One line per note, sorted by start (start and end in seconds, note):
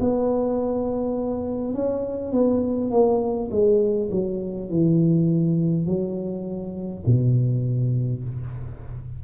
0.00 1.74 B3
1.74 2.32 C#4
2.32 2.90 B3
2.90 3.49 A#3
3.51 4.10 G#3
4.11 4.70 F#3
4.70 5.86 E3
5.86 7.04 F#3
7.06 8.24 B2